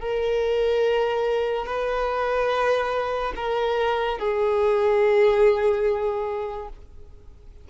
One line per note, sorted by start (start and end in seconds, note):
0.00 1.66 A#4
1.66 3.33 B4
3.36 4.19 A#4
4.19 6.69 G#4